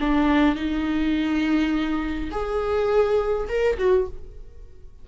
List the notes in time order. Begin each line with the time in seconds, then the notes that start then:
0.00 D4
0.56 D#4
2.31 G#4
3.48 A#4
3.78 F#4